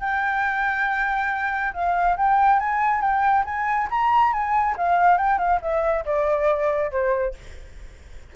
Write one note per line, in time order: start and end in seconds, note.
0.00 1.73 G5
1.73 2.16 F5
2.16 2.59 G5
2.59 3.01 G#5
3.01 3.44 G5
3.44 3.88 G#5
3.90 4.32 A#5
4.32 4.76 G#5
4.77 5.17 F5
5.17 5.38 G5
5.38 5.60 F5
5.62 6.05 E5
6.05 6.91 D5
6.91 7.34 C5